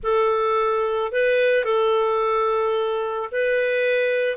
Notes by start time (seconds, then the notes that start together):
0.03 A4
1.12 B4
1.64 A4
3.31 B4